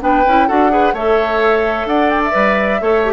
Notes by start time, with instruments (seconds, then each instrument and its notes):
0.00 bassoon B3, clarinet D4, oboe B4, flute G5
0.26 bassoon C#4, clarinet E4
0.47 bassoon D4, clarinet F#4, oboe A4, flute F#5
0.70 clarinet G#4, oboe B4
0.93 bassoon A3, clarinet A4, oboe C#5, flute E5
1.85 bassoon D4, oboe D5, flute F#5
2.10 flute G5
2.24 flute E5
2.31 bassoon G3, clarinet B4
2.81 bassoon A3, clarinet A4, oboe C#5
3.05 clarinet G4